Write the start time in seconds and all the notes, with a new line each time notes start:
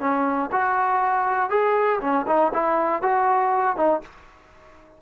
0.00 C#4
0.52 F#4
1.50 G#4
2.01 C#4
2.27 D#4
2.54 E4
3.02 F#4
3.77 D#4